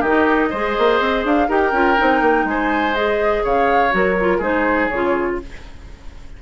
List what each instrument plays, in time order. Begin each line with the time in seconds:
0.00 bassoon D#3, clarinet D#4, oboe G4, flute D#5
0.50 bassoon G#3, clarinet G#4, oboe C5
0.78 bassoon A#3
1.00 bassoon C4
1.24 bassoon D4, flute F5
1.48 bassoon D#4, clarinet G4, oboe A#4, flute G5
1.72 bassoon C#4, clarinet F4
1.97 bassoon C4, clarinet D#4
2.21 bassoon A#3
2.44 bassoon G#3, oboe C5, flute G#5
2.94 clarinet G#4, flute D#5
3.43 bassoon C#3, oboe C#5, flute F5
3.91 bassoon F#3, clarinet F#4, flute A#4
4.20 clarinet F4
4.38 bassoon G#3, clarinet D#4, oboe G#4, flute C5
4.89 bassoon C#3, clarinet F4, flute C#5